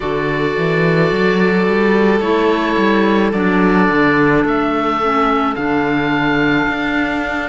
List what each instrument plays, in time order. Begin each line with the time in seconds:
0.00 cello D3, clarinet F#4, violin A4, oboe D5
0.57 cello E3
1.11 cello F#3
1.67 cello G3
2.19 cello A3, clarinet E4, oboe C#5
2.77 cello G3
3.32 cello F#3, clarinet D4, oboe D5
3.89 cello D3
4.44 cello A3, oboe E5
5.01 clarinet C#4
5.55 cello D3, clarinet D4, oboe F5
6.68 cello D4